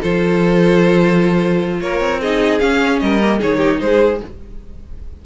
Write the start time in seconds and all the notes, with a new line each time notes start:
0.00 F3 F4 A4 C5
1.80 A#3 A#4 C#5
2.00 C4
2.21 D#4 G#4 D#5
2.59 C#4 F5
3.00 G3 A#4 D#5
3.21 A#3
3.39 D#3 D#4 G#4 C#5
3.57 G4
3.80 G#3 G#4 C5